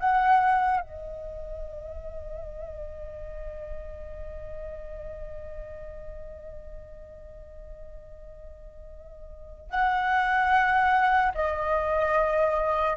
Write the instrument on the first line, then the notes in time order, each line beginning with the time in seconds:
flute
0.00 F#5
0.81 D#5
9.70 F#5
11.35 D#5